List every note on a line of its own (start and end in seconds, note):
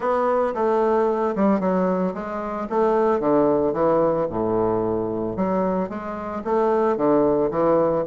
0.00 0.54 B3
0.54 1.34 A3
1.35 1.60 G3
1.60 2.13 F#3
2.14 2.67 G#3
2.69 3.20 A3
3.20 3.73 D3
3.73 4.26 E3
4.30 5.36 A2
5.36 5.89 F#3
5.89 6.42 G#3
6.44 6.96 A3
6.96 7.50 D3
7.50 8.04 E3